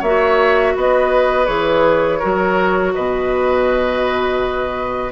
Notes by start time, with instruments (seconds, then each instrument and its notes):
0.00 bassoon A#3, clarinet F#4, oboe C#5, flute E5
0.76 bassoon B3, oboe B4, flute D#5
1.46 bassoon E3, clarinet G#4, flute C#5
2.19 bassoon F#3, clarinet F#4, oboe A#4
2.94 bassoon B2, oboe B4, flute D#5